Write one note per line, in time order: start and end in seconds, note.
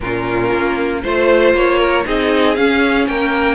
0.00 0.52 A#2
0.00 1.04 C#4
0.00 1.02 F4
0.00 1.03 A#4
0.52 1.04 A#3
1.02 1.54 A3
1.02 2.04 F4
1.02 1.78 C5
1.02 1.55 C5
1.54 2.05 A#3
1.54 2.07 C#5
1.78 2.04 A#4
2.04 2.57 C4
2.04 2.55 D#4
2.04 3.08 G#4
2.04 2.55 D#5
2.55 3.07 C#4
2.55 3.54 C#4
2.55 3.07 F5
3.07 3.54 A#3
3.07 3.54 A#4
3.07 3.54 G5